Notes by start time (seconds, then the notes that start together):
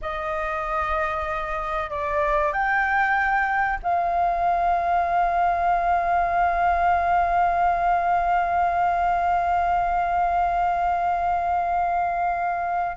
0.01 D#5
1.90 D5
2.53 G5
3.82 F5